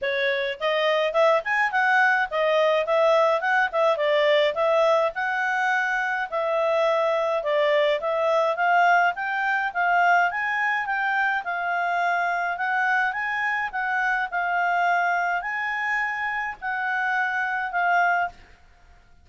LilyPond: \new Staff \with { instrumentName = "clarinet" } { \time 4/4 \tempo 4 = 105 cis''4 dis''4 e''8 gis''8 fis''4 | dis''4 e''4 fis''8 e''8 d''4 | e''4 fis''2 e''4~ | e''4 d''4 e''4 f''4 |
g''4 f''4 gis''4 g''4 | f''2 fis''4 gis''4 | fis''4 f''2 gis''4~ | gis''4 fis''2 f''4 | }